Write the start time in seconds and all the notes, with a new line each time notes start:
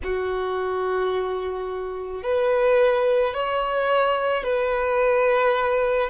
0.03 F#4
2.22 B4
3.33 C#5
4.43 B4